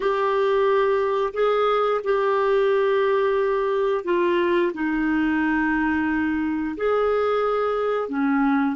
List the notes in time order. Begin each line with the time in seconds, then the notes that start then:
0.00 G4
1.33 G#4
2.04 G4
4.04 F4
4.73 D#4
6.77 G#4
8.08 C#4